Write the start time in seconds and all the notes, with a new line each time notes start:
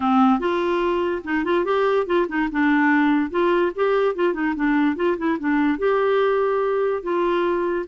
0.00 C4
0.39 F4
1.24 D#4
1.44 F4
1.65 G4
2.06 F4
2.28 D#4
2.51 D4
3.30 F4
3.75 G4
4.15 F4
4.33 D#4
4.55 D4
4.96 F4
5.17 E4
5.39 D4
5.78 G4
7.03 F4